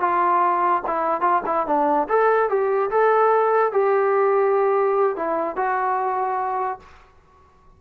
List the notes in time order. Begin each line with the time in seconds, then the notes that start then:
0.00 F4
0.86 E4
1.21 F4
1.46 E4
1.66 D4
2.08 A4
2.49 G4
2.90 A4
3.72 G4
5.16 E4
5.56 F#4